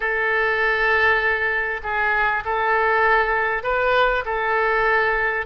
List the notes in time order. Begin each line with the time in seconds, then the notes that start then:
0.00 A4
1.83 G#4
2.44 A4
3.63 B4
4.25 A4